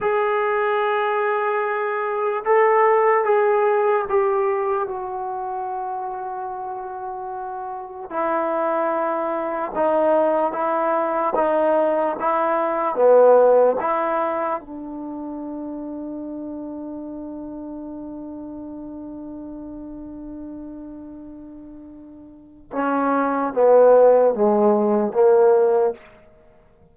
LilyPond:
\new Staff \with { instrumentName = "trombone" } { \time 4/4 \tempo 4 = 74 gis'2. a'4 | gis'4 g'4 fis'2~ | fis'2 e'2 | dis'4 e'4 dis'4 e'4 |
b4 e'4 d'2~ | d'1~ | d'1 | cis'4 b4 gis4 ais4 | }